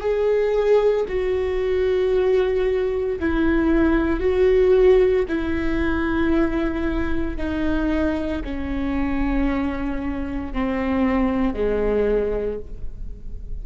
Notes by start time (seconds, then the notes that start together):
0.00 G#4
1.08 F#4
3.19 E4
4.20 F#4
5.28 E4
7.37 D#4
8.44 C#4
10.53 C4
11.54 G#3